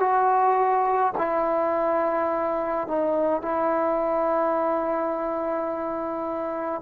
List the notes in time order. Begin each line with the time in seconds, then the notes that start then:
0.00 F#4
1.18 E4
2.88 D#4
3.42 E4